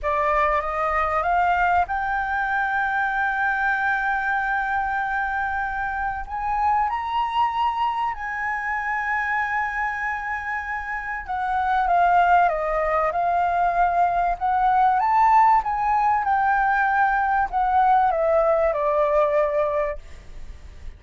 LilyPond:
\new Staff \with { instrumentName = "flute" } { \time 4/4 \tempo 4 = 96 d''4 dis''4 f''4 g''4~ | g''1~ | g''2 gis''4 ais''4~ | ais''4 gis''2.~ |
gis''2 fis''4 f''4 | dis''4 f''2 fis''4 | a''4 gis''4 g''2 | fis''4 e''4 d''2 | }